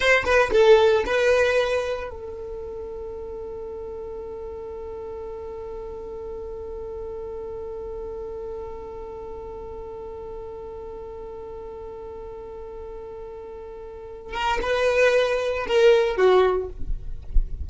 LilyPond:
\new Staff \with { instrumentName = "violin" } { \time 4/4 \tempo 4 = 115 c''8 b'8 a'4 b'2 | a'1~ | a'1~ | a'1~ |
a'1~ | a'1~ | a'2.~ a'8 ais'8 | b'2 ais'4 fis'4 | }